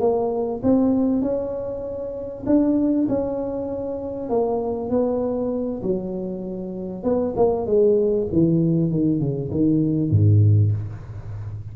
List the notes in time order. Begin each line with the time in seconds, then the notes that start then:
0.00 A#3
0.63 C4
1.22 C#4
2.47 D4
3.09 C#4
4.30 A#3
4.90 B3
5.83 F#3
7.04 B3
7.37 A#3
7.67 G#3
8.33 E3
8.91 D#3
9.20 C#3
9.52 D#3
10.11 G#2